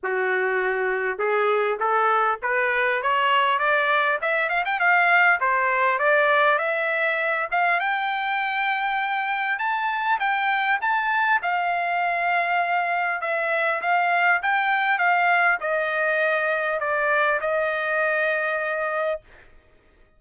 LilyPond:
\new Staff \with { instrumentName = "trumpet" } { \time 4/4 \tempo 4 = 100 fis'2 gis'4 a'4 | b'4 cis''4 d''4 e''8 f''16 g''16 | f''4 c''4 d''4 e''4~ | e''8 f''8 g''2. |
a''4 g''4 a''4 f''4~ | f''2 e''4 f''4 | g''4 f''4 dis''2 | d''4 dis''2. | }